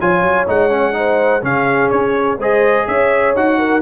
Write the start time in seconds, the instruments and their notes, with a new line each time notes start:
0.00 tuba F3, trombone F4, horn C#5, trumpet G#5
0.22 tuba F#3
0.47 tuba G#3, trombone D#4, trumpet F#5
0.70 trombone C#4
0.93 trombone D#4, horn C5
1.42 tuba C#3, trombone C#4, horn G#4, trumpet F5
1.90 tuba C#4, trumpet C#5
2.38 tuba G#3, trombone G#4, horn C5, trumpet D#5
2.87 tuba C#4, horn C#5, trumpet E5
3.35 tuba D#4, trombone F#4, trumpet F#5
3.59 horn A#4